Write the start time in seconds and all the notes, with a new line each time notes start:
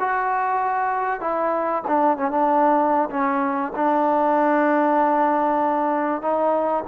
0.00 F#4
1.21 E4
1.88 D4
2.17 C#4
2.31 D4
3.10 C#4
3.76 D4
6.22 D#4